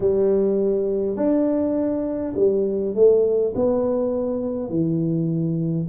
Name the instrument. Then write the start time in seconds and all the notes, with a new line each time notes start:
tuba
0.00 G3
1.16 D4
2.35 G3
2.94 A3
3.55 B3
4.69 E3